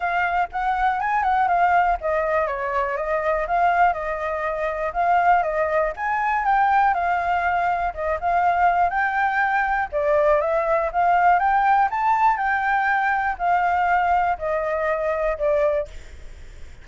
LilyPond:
\new Staff \with { instrumentName = "flute" } { \time 4/4 \tempo 4 = 121 f''4 fis''4 gis''8 fis''8 f''4 | dis''4 cis''4 dis''4 f''4 | dis''2 f''4 dis''4 | gis''4 g''4 f''2 |
dis''8 f''4. g''2 | d''4 e''4 f''4 g''4 | a''4 g''2 f''4~ | f''4 dis''2 d''4 | }